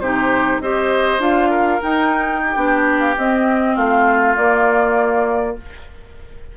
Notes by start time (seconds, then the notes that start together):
0.00 C3 D#4 G4 C5
0.60 C4 G4 C5 D#5
1.19 D4 F4 F5
1.51 A#4
1.82 D#4 G5
2.43 G4
2.56 B3 D4
3.00 F5
3.17 C4 D#5
3.75 A3 F4 F5
4.37 A#3 D5